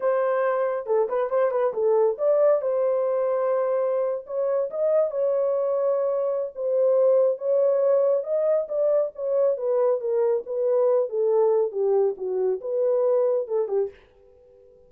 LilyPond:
\new Staff \with { instrumentName = "horn" } { \time 4/4 \tempo 4 = 138 c''2 a'8 b'8 c''8 b'8 | a'4 d''4 c''2~ | c''4.~ c''16 cis''4 dis''4 cis''16~ | cis''2. c''4~ |
c''4 cis''2 dis''4 | d''4 cis''4 b'4 ais'4 | b'4. a'4. g'4 | fis'4 b'2 a'8 g'8 | }